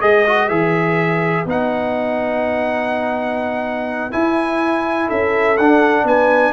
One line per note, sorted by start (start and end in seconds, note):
0.00 0.49 G#3
0.00 0.24 G#4
0.00 5.08 B4
0.00 0.48 D#5
0.26 0.49 F#4
0.48 1.45 E3
0.48 1.46 G#4
0.48 1.45 E5
1.45 4.12 B3
1.45 4.11 D#4
1.45 4.12 F#5
4.11 5.56 E4
4.11 5.10 E4
4.11 5.09 G#5
5.08 5.58 C#4
5.08 6.05 A4
5.08 5.57 E5
5.57 6.04 D4
5.57 6.52 D4
5.57 6.05 F#5
6.04 6.52 B3
6.04 6.52 B4
6.04 6.52 G#5